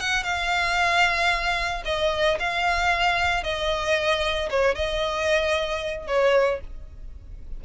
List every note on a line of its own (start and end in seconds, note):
0.00 0.24 F#5
0.24 1.83 F5
1.85 2.38 D#5
2.39 3.44 F5
3.44 4.50 D#5
4.50 4.75 C#5
4.75 6.08 D#5
6.08 6.61 C#5